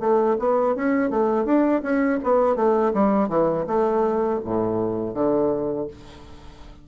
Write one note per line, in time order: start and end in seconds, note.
0.00 0.37 A3
0.39 0.75 B3
0.75 1.10 C#4
1.10 1.45 A3
1.45 1.82 D4
1.83 2.19 C#4
2.24 2.56 B3
2.56 2.93 A3
2.94 3.29 G3
3.29 3.66 E3
3.67 4.40 A3
4.45 5.14 A2
5.14 5.87 D3